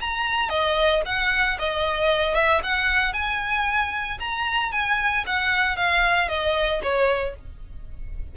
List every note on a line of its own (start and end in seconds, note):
0.00 0.49 A#5
0.49 1.01 D#5
1.05 1.58 F#5
1.58 2.34 D#5
2.34 2.60 E5
2.63 3.13 F#5
3.13 4.18 G#5
4.19 4.72 A#5
4.72 5.24 G#5
5.26 5.76 F#5
5.76 6.28 F5
6.28 6.81 D#5
6.82 7.35 C#5